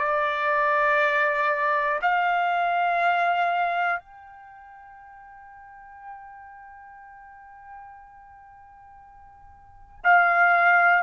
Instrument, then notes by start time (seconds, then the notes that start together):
trumpet
0.00 D5
2.02 F5
4.00 G5
10.04 F5